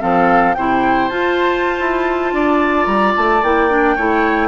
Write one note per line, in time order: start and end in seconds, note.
0.00 0.56 F3
0.00 0.55 C4
0.00 0.55 A4
0.00 0.54 F5
0.54 1.09 C3
0.54 1.10 E4
0.54 2.34 C5
0.54 1.08 G5
1.08 1.77 F4
1.08 3.42 F4
1.08 2.85 A5
1.80 2.32 E4
2.32 2.86 D4
2.32 3.96 D5
2.85 3.14 G3
2.85 3.12 A#5
3.16 3.42 A3
3.16 3.43 A5
3.42 3.97 A#3
3.42 3.69 E4
3.42 4.48 G5
3.69 3.96 D4
3.96 4.48 A3
3.96 4.48 E4
3.96 4.48 C#5